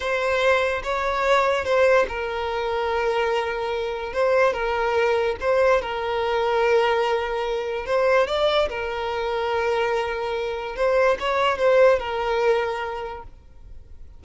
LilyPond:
\new Staff \with { instrumentName = "violin" } { \time 4/4 \tempo 4 = 145 c''2 cis''2 | c''4 ais'2.~ | ais'2 c''4 ais'4~ | ais'4 c''4 ais'2~ |
ais'2. c''4 | d''4 ais'2.~ | ais'2 c''4 cis''4 | c''4 ais'2. | }